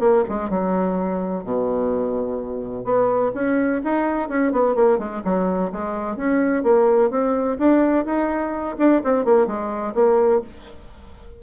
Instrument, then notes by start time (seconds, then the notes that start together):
bassoon
0.00 A#3
0.29 G#3
0.50 F#3
1.44 B2
2.85 B3
3.34 C#4
3.84 D#4
4.29 C#4
4.52 B3
4.75 A#3
4.99 G#3
5.25 F#3
5.72 G#3
6.17 C#4
6.64 A#3
7.10 C4
7.58 D4
8.06 D#4
8.78 D4
9.04 C4
9.25 A#3
9.47 G#3
9.94 A#3